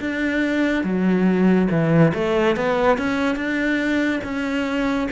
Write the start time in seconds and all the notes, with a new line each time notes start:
0.00 D4
0.83 F#3
1.70 E3
2.14 A3
2.56 B3
2.98 C#4
3.36 D4
4.23 C#4